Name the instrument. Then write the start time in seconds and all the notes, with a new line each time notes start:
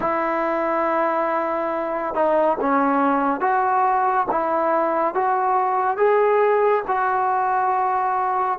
trombone
0.00 E4
2.14 D#4
2.60 C#4
3.40 F#4
4.31 E4
5.14 F#4
5.97 G#4
6.87 F#4